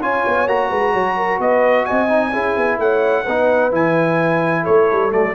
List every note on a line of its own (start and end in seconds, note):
0.00 0.23 C#4
0.00 0.48 F4
0.00 0.69 C#5
0.00 0.48 G#5
0.26 0.47 B3
0.47 0.70 A#3
0.47 2.09 F#4
0.47 1.41 A#5
0.69 0.94 G#3
0.69 0.92 B4
0.93 1.39 F#3
0.93 1.16 C#5
1.17 1.40 A#4
1.39 1.85 B3
1.39 1.86 B4
1.39 1.85 D#5
1.85 2.34 C4
1.85 2.32 D#5
1.85 2.78 G#5
2.09 2.32 D#4
2.32 2.56 C#4
2.32 3.25 E4
2.32 2.78 G#4
2.56 2.78 B3
2.78 3.25 A3
2.78 3.24 C#5
2.78 3.73 F#5
3.24 3.72 B3
3.24 3.72 D#4
3.24 4.63 B4
3.72 4.65 E3
3.72 5.11 E4
3.72 4.65 G#5
4.63 4.91 A3
4.63 5.32 A4
4.63 5.11 C#5
4.91 5.13 G3
5.11 5.35 F#3
5.11 5.34 A3
5.11 5.35 D5